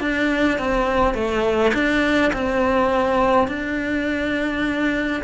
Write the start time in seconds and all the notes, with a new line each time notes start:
0.00 D4
0.59 C4
1.14 A3
1.73 D4
2.33 C4
3.48 D4